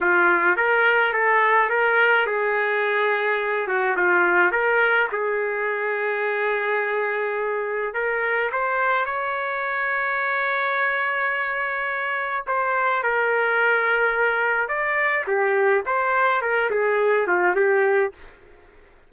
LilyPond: \new Staff \with { instrumentName = "trumpet" } { \time 4/4 \tempo 4 = 106 f'4 ais'4 a'4 ais'4 | gis'2~ gis'8 fis'8 f'4 | ais'4 gis'2.~ | gis'2 ais'4 c''4 |
cis''1~ | cis''2 c''4 ais'4~ | ais'2 d''4 g'4 | c''4 ais'8 gis'4 f'8 g'4 | }